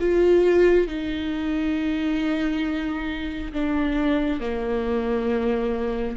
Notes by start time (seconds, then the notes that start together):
0.00 F4
0.88 D#4
3.53 D4
4.40 A#3